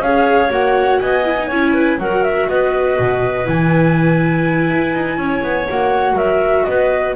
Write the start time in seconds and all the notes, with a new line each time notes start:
0.00 C#4 G#4 C#5 F5
0.50 A#3 F#4 F#5
1.00 B3 D#5 G#5
1.25 E4
1.39 D#4
1.48 C#4 E4 C#5
1.74 B4
1.98 F#3 F#4 A#4 F#5
2.24 E5
2.49 B3 B4 D#5
2.99 B2
3.45 E3 E4 G#5
4.70 E4
4.94 D#4
5.18 C#4 C#5
5.43 B3
5.69 A#3 F#4 F#5
6.13 F#3 A#4 E5
6.65 B3 B4 D#5